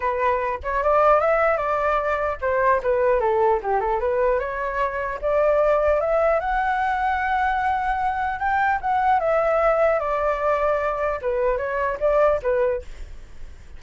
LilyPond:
\new Staff \with { instrumentName = "flute" } { \time 4/4 \tempo 4 = 150 b'4. cis''8 d''4 e''4 | d''2 c''4 b'4 | a'4 g'8 a'8 b'4 cis''4~ | cis''4 d''2 e''4 |
fis''1~ | fis''4 g''4 fis''4 e''4~ | e''4 d''2. | b'4 cis''4 d''4 b'4 | }